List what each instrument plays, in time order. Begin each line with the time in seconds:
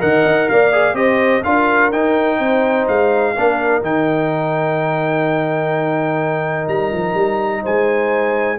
0.00 tuba D#3, trombone A#4, horn D#5, trumpet F#5
0.25 tuba D#4
0.49 tuba A#3, horn D5, trumpet F5
0.72 trombone G#4
0.93 tuba C4, trombone G4, horn C5, trumpet D#5
1.43 tuba D4, trombone F4, horn A#4, trumpet F5
1.92 tuba D#4, trombone D#4, trumpet G5
2.38 tuba C4, horn C5
2.88 tuba G#3, trumpet F5
3.34 tuba A#3, trombone D4, horn A#4
3.82 tuba D#3, trombone D#4, trumpet G5
6.68 tuba G3, trumpet A#5
6.92 tuba F3
7.14 tuba G3
7.62 tuba G#3, horn C5, trumpet G#5